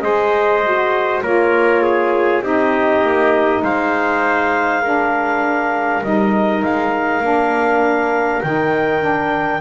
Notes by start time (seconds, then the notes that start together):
0.00 G#3 G#4 C5 D#5
0.63 F#4
1.22 A#3 F4 A#4 C#5
1.82 G#4
2.41 C4 D#4 G4 D#5
3.01 A#3
3.62 G#3 C5 F5
4.81 D4 A#4
6.03 G3 D#4 D#5
6.63 G#3 F5
7.21 A#3 D4
8.41 D#3 D#4 G5
9.00 D4